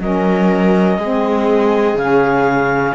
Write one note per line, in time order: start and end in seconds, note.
0.00 0.98 F#3
0.00 1.00 C#4
0.00 0.99 A#4
0.00 1.98 D#5
0.98 1.95 G#3
0.98 1.99 C4
0.98 2.95 G#4
1.95 2.93 C#3
1.95 2.95 C#4
1.95 2.95 F5